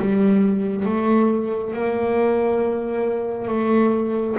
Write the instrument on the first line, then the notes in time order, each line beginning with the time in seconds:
double bass
0.00 G3
0.86 A3
1.74 A#3
3.49 A3